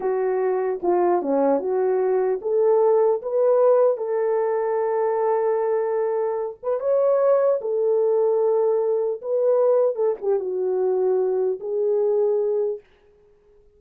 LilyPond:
\new Staff \with { instrumentName = "horn" } { \time 4/4 \tempo 4 = 150 fis'2 f'4 cis'4 | fis'2 a'2 | b'2 a'2~ | a'1~ |
a'8 b'8 cis''2 a'4~ | a'2. b'4~ | b'4 a'8 g'8 fis'2~ | fis'4 gis'2. | }